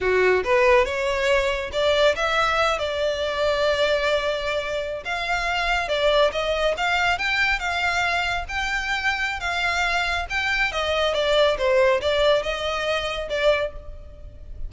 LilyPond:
\new Staff \with { instrumentName = "violin" } { \time 4/4 \tempo 4 = 140 fis'4 b'4 cis''2 | d''4 e''4. d''4.~ | d''2.~ d''8. f''16~ | f''4.~ f''16 d''4 dis''4 f''16~ |
f''8. g''4 f''2 g''16~ | g''2 f''2 | g''4 dis''4 d''4 c''4 | d''4 dis''2 d''4 | }